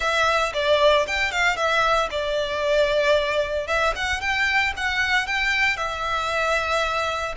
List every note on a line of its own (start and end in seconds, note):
0.00 0.52 E5
0.53 1.06 D5
1.07 1.31 G5
1.31 1.56 F5
1.56 2.09 E5
2.11 3.67 D5
3.67 3.93 E5
3.95 4.20 F#5
4.20 4.73 G5
4.76 5.26 F#5
5.26 5.76 G5
5.76 7.34 E5